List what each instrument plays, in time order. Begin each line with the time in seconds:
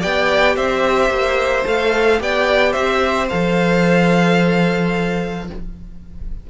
0.00 cello B3, viola G4, violin D5 G5
0.56 cello C4, violin C5 E5
1.10 cello A#3
1.65 cello A3, viola A4, violin F5
2.19 cello B3, viola G4, violin D5 G5
2.72 cello C4, violin C5 E5
3.29 cello F3, viola A4, violin F5